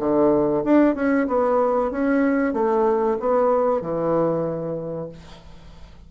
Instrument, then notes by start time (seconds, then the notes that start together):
bassoon
0.00 D3
0.65 D4
0.95 C#4
1.28 B3
1.91 C#4
2.54 A3
3.20 B3
3.82 E3